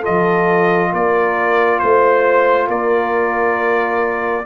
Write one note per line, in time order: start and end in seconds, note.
0.00 4.43 F4
0.00 0.88 A4
0.00 0.93 D#5
0.08 0.93 F3
0.92 1.81 A#3
0.92 1.81 A#4
0.92 1.79 D5
1.79 2.69 A3
1.79 2.67 C5
1.79 2.69 C5
2.69 4.45 A#3
2.69 4.45 A#4
2.69 4.45 D5